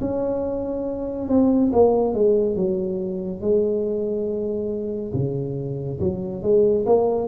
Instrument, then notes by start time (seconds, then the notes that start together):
tuba
0.00 C#4
1.28 C4
1.73 A#3
2.14 G#3
2.56 F#3
3.41 G#3
5.14 C#3
6.00 F#3
6.42 G#3
6.86 A#3